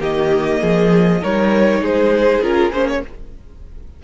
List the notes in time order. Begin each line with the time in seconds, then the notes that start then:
0.00 D#3 A#3 G4 D#5
0.61 F3 G#4
1.22 G3 D#4 A#4 C#5
1.81 G#3 G#4 C5
2.42 C#4 F4 A#4
2.72 A#3 C#4 C5
2.88 C#5